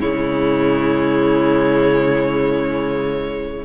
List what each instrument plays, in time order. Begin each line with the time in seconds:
0.00 cello C#3, viola G#3, violin E4 C#5